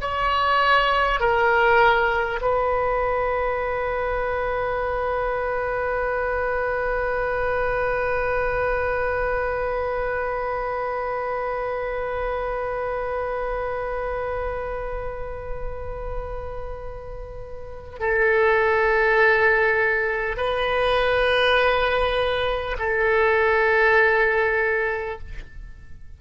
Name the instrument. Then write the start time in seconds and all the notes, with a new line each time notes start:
oboe
0.00 C#5
1.19 A#4
2.41 B4
17.99 A4
20.36 B4
22.78 A4